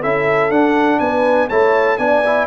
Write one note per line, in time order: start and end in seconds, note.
0.00 0.50 C#4
0.00 0.51 E4
0.00 0.98 A4
0.00 0.51 E5
0.50 0.99 D4
0.50 1.48 D4
0.50 0.99 F#5
0.99 1.48 B3
0.99 1.48 B4
0.99 1.48 G#5
1.48 1.98 A3
1.48 1.98 E4
1.48 1.96 C#5
1.48 1.97 A5
1.97 2.46 B3
1.97 2.22 D4
1.97 2.46 D5
1.97 2.46 G#5
2.25 2.46 E4